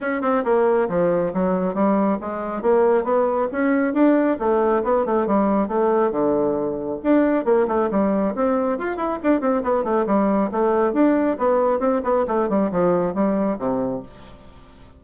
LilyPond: \new Staff \with { instrumentName = "bassoon" } { \time 4/4 \tempo 4 = 137 cis'8 c'8 ais4 f4 fis4 | g4 gis4 ais4 b4 | cis'4 d'4 a4 b8 a8 | g4 a4 d2 |
d'4 ais8 a8 g4 c'4 | f'8 e'8 d'8 c'8 b8 a8 g4 | a4 d'4 b4 c'8 b8 | a8 g8 f4 g4 c4 | }